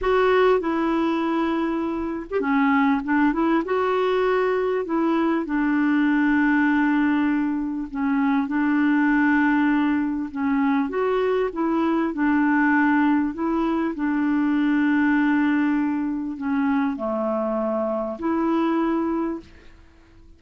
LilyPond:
\new Staff \with { instrumentName = "clarinet" } { \time 4/4 \tempo 4 = 99 fis'4 e'2~ e'8. g'16 | cis'4 d'8 e'8 fis'2 | e'4 d'2.~ | d'4 cis'4 d'2~ |
d'4 cis'4 fis'4 e'4 | d'2 e'4 d'4~ | d'2. cis'4 | a2 e'2 | }